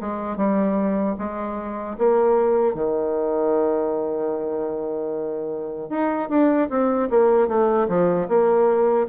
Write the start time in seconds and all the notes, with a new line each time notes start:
0.00 G#3
0.37 G3
1.18 G#3
1.98 A#3
2.74 D#3
5.90 D#4
6.29 D4
6.70 C4
7.10 A#3
7.48 A3
7.88 F3
8.28 A#3